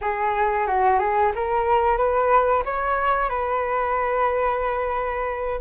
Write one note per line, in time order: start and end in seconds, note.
0.01 0.66 G#4
0.66 0.99 F#4
0.99 1.32 G#4
1.35 1.97 A#4
1.97 2.63 B4
2.65 3.29 C#5
3.29 5.60 B4